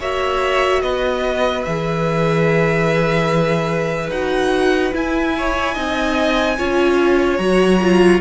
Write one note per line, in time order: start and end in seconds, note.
0.00 0.82 A#3
0.00 1.66 F#4
0.00 0.82 C#5
0.00 0.82 E5
0.82 1.65 B3
0.82 5.36 B4
0.82 1.64 D#5
1.64 4.10 E3
1.64 4.12 G#4
1.64 4.10 E5
4.10 4.92 D#4
4.10 4.93 F#4
4.10 4.93 F#5
4.93 5.75 E4
4.93 5.77 E4
4.93 7.38 G#5
5.38 5.74 C#5
5.74 6.59 C4
5.74 6.58 D#4
5.74 6.56 D#5
6.58 7.39 C#4
6.58 7.40 F4
6.58 8.21 C#5
7.38 8.21 F#3
7.38 7.81 F#4
7.38 8.20 A#5
7.82 8.21 F4